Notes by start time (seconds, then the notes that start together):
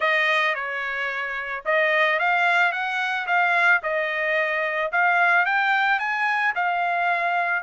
0.00 D#5
0.54 C#5
1.65 D#5
2.19 F5
2.71 F#5
3.26 F5
3.82 D#5
4.92 F5
5.45 G5
5.99 G#5
6.55 F5